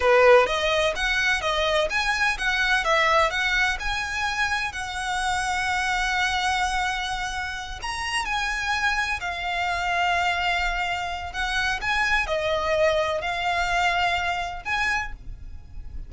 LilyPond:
\new Staff \with { instrumentName = "violin" } { \time 4/4 \tempo 4 = 127 b'4 dis''4 fis''4 dis''4 | gis''4 fis''4 e''4 fis''4 | gis''2 fis''2~ | fis''1~ |
fis''8 ais''4 gis''2 f''8~ | f''1 | fis''4 gis''4 dis''2 | f''2. gis''4 | }